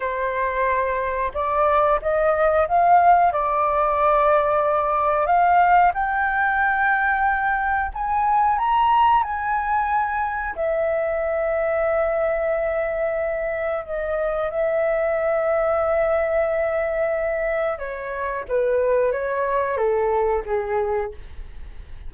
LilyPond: \new Staff \with { instrumentName = "flute" } { \time 4/4 \tempo 4 = 91 c''2 d''4 dis''4 | f''4 d''2. | f''4 g''2. | gis''4 ais''4 gis''2 |
e''1~ | e''4 dis''4 e''2~ | e''2. cis''4 | b'4 cis''4 a'4 gis'4 | }